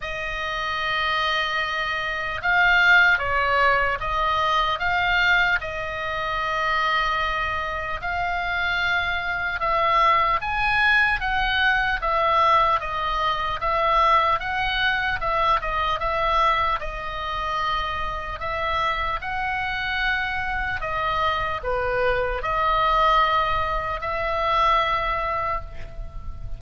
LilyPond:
\new Staff \with { instrumentName = "oboe" } { \time 4/4 \tempo 4 = 75 dis''2. f''4 | cis''4 dis''4 f''4 dis''4~ | dis''2 f''2 | e''4 gis''4 fis''4 e''4 |
dis''4 e''4 fis''4 e''8 dis''8 | e''4 dis''2 e''4 | fis''2 dis''4 b'4 | dis''2 e''2 | }